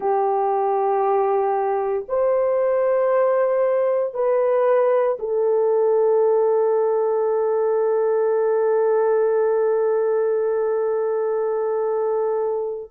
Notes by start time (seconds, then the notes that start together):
0.00 G4
2.08 C5
4.14 B4
5.19 A4